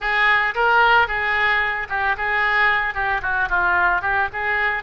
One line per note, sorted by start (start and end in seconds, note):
0.00 0.54 G#4
0.54 1.07 A#4
1.07 1.87 G#4
1.89 2.16 G4
2.17 2.94 G#4
2.94 3.21 G4
3.22 3.48 F#4
3.49 4.01 F4
4.01 4.28 G4
4.32 4.83 G#4